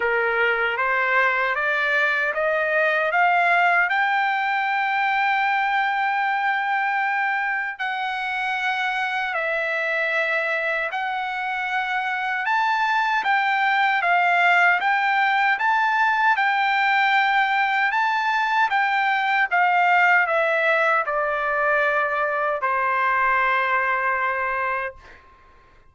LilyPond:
\new Staff \with { instrumentName = "trumpet" } { \time 4/4 \tempo 4 = 77 ais'4 c''4 d''4 dis''4 | f''4 g''2.~ | g''2 fis''2 | e''2 fis''2 |
a''4 g''4 f''4 g''4 | a''4 g''2 a''4 | g''4 f''4 e''4 d''4~ | d''4 c''2. | }